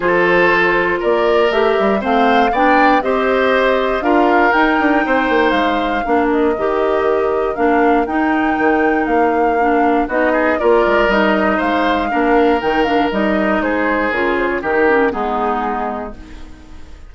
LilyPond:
<<
  \new Staff \with { instrumentName = "flute" } { \time 4/4 \tempo 4 = 119 c''2 d''4 e''4 | f''4 g''4 dis''2 | f''4 g''2 f''4~ | f''8 dis''2~ dis''8 f''4 |
g''2 f''2 | dis''4 d''4 dis''4 f''4~ | f''4 g''8 f''8 dis''4 c''4 | ais'8 c''16 cis''16 ais'4 gis'2 | }
  \new Staff \with { instrumentName = "oboe" } { \time 4/4 a'2 ais'2 | c''4 d''4 c''2 | ais'2 c''2 | ais'1~ |
ais'1 | fis'8 gis'8 ais'2 c''4 | ais'2. gis'4~ | gis'4 g'4 dis'2 | }
  \new Staff \with { instrumentName = "clarinet" } { \time 4/4 f'2. g'4 | c'4 d'4 g'2 | f'4 dis'2. | d'4 g'2 d'4 |
dis'2. d'4 | dis'4 f'4 dis'2 | d'4 dis'8 d'8 dis'2 | f'4 dis'8 cis'8 b2 | }
  \new Staff \with { instrumentName = "bassoon" } { \time 4/4 f2 ais4 a8 g8 | a4 b4 c'2 | d'4 dis'8 d'8 c'8 ais8 gis4 | ais4 dis2 ais4 |
dis'4 dis4 ais2 | b4 ais8 gis8 g4 gis4 | ais4 dis4 g4 gis4 | cis4 dis4 gis2 | }
>>